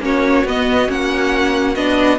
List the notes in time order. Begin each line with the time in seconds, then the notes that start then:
0.00 A#3 C#4 F#4 C#5
0.44 B3 D#5
0.87 A#3 C#4 F#5
1.75 B3 D4 D#5